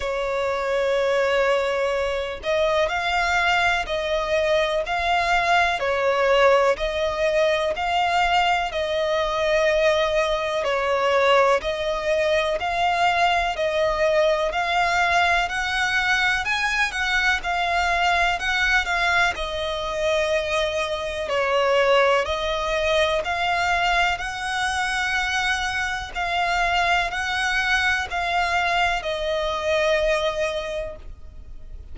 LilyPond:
\new Staff \with { instrumentName = "violin" } { \time 4/4 \tempo 4 = 62 cis''2~ cis''8 dis''8 f''4 | dis''4 f''4 cis''4 dis''4 | f''4 dis''2 cis''4 | dis''4 f''4 dis''4 f''4 |
fis''4 gis''8 fis''8 f''4 fis''8 f''8 | dis''2 cis''4 dis''4 | f''4 fis''2 f''4 | fis''4 f''4 dis''2 | }